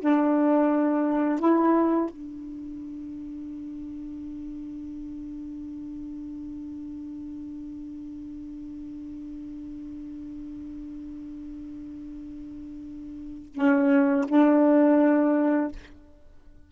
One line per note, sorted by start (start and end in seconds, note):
0.00 1.39 D4
1.39 2.10 E4
2.10 13.53 D4
13.54 14.25 C#4
14.28 15.71 D4